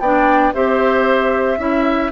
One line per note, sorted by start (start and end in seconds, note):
0.00 0.53 B3
0.00 0.54 D4
0.00 0.55 D5
0.00 0.53 G5
0.54 1.59 C4
0.54 1.59 G4
0.54 1.60 C5
0.54 2.12 E5
1.59 2.12 C#4
1.59 2.11 E4
1.59 2.12 E5